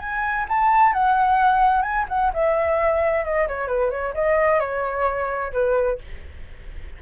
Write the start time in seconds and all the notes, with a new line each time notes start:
0.00 G#5
0.49 A5
0.93 F#5
1.83 G#5
2.09 F#5
2.34 E5
3.25 D#5
3.48 C#5
3.68 B4
3.91 C#5
4.15 D#5
4.60 C#5
5.53 B4